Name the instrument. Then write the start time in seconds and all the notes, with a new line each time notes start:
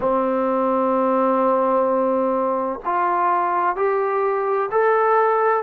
trombone
0.00 C4
2.85 F4
3.75 G4
4.71 A4